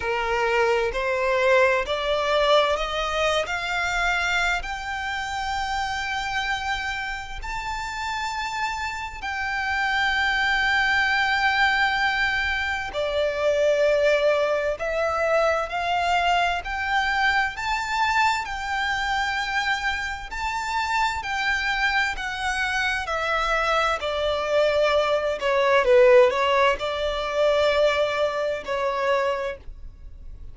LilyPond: \new Staff \with { instrumentName = "violin" } { \time 4/4 \tempo 4 = 65 ais'4 c''4 d''4 dis''8. f''16~ | f''4 g''2. | a''2 g''2~ | g''2 d''2 |
e''4 f''4 g''4 a''4 | g''2 a''4 g''4 | fis''4 e''4 d''4. cis''8 | b'8 cis''8 d''2 cis''4 | }